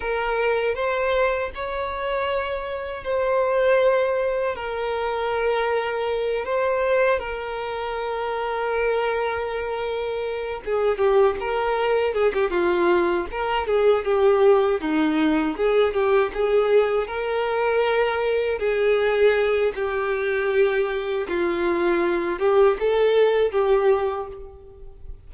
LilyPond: \new Staff \with { instrumentName = "violin" } { \time 4/4 \tempo 4 = 79 ais'4 c''4 cis''2 | c''2 ais'2~ | ais'8 c''4 ais'2~ ais'8~ | ais'2 gis'8 g'8 ais'4 |
gis'16 g'16 f'4 ais'8 gis'8 g'4 dis'8~ | dis'8 gis'8 g'8 gis'4 ais'4.~ | ais'8 gis'4. g'2 | f'4. g'8 a'4 g'4 | }